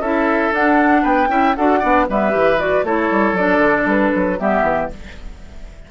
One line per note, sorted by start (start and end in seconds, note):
0.00 0.51 C#4
0.00 0.53 E4
0.00 1.02 A4
0.00 0.53 E5
0.53 1.04 D4
0.53 1.29 D4
0.53 1.04 F#5
1.02 1.29 B3
1.02 1.28 B4
1.02 1.55 G5
1.29 1.54 C#4
1.29 1.55 E4
1.29 1.56 E5
1.56 1.83 D4
1.56 1.82 F#4
1.56 1.79 A4
1.56 2.07 F#5
1.79 2.09 B3
1.79 2.07 D4
1.79 2.05 D5
2.09 2.35 G3
2.09 2.31 B3
2.09 2.85 B4
2.09 2.60 E5
2.31 2.84 E3
2.31 2.56 G4
2.59 2.85 F#4
2.59 2.85 D5
2.84 3.09 A3
2.84 3.37 E4
2.84 4.39 A4
2.84 3.37 C#5
3.11 3.33 G3
3.33 3.58 F#3
3.33 4.39 D4
3.33 3.88 D5
3.58 3.84 D3
3.86 4.11 G3
3.86 4.40 B4
4.16 4.40 F#3
4.39 4.62 G3
4.39 4.90 B3
4.39 4.91 G4
4.39 4.91 E5
4.62 4.88 E3